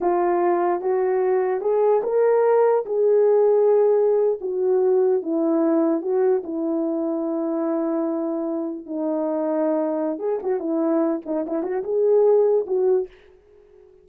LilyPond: \new Staff \with { instrumentName = "horn" } { \time 4/4 \tempo 4 = 147 f'2 fis'2 | gis'4 ais'2 gis'4~ | gis'2~ gis'8. fis'4~ fis'16~ | fis'8. e'2 fis'4 e'16~ |
e'1~ | e'4.~ e'16 dis'2~ dis'16~ | dis'4 gis'8 fis'8 e'4. dis'8 | e'8 fis'8 gis'2 fis'4 | }